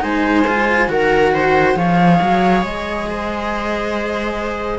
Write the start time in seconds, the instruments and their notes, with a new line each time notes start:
0.00 cello G#3 D#4, viola C5, flute G#5
0.47 cello F4
0.88 cello D#3 F#4, viola A#4, flute F#5
1.34 viola C5
1.74 cello F3 G#4, viola C#5, flute F5
2.22 cello F#3
2.62 cello G#3, flute D#5
3.10 viola C5